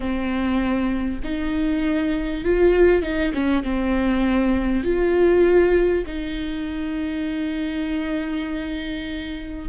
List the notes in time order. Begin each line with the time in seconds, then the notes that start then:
0.00 C4
1.23 D#4
2.44 F4
3.02 D#4
3.33 C#4
3.63 C4
4.83 F4
6.06 D#4